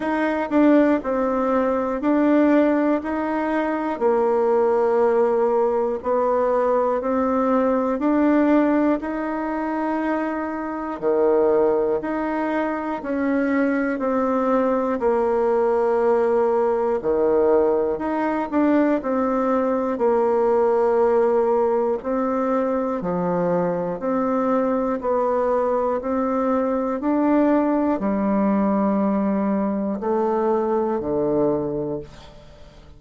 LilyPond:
\new Staff \with { instrumentName = "bassoon" } { \time 4/4 \tempo 4 = 60 dis'8 d'8 c'4 d'4 dis'4 | ais2 b4 c'4 | d'4 dis'2 dis4 | dis'4 cis'4 c'4 ais4~ |
ais4 dis4 dis'8 d'8 c'4 | ais2 c'4 f4 | c'4 b4 c'4 d'4 | g2 a4 d4 | }